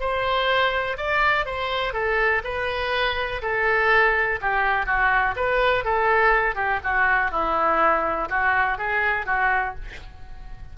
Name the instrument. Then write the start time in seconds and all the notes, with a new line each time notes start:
oboe
0.00 C5
0.97 D5
1.45 C5
1.93 A4
2.44 B4
3.42 A4
4.41 G4
4.86 F#4
5.36 B4
5.84 A4
6.55 G4
6.84 F#4
7.31 E4
8.29 F#4
8.78 G#4
9.26 F#4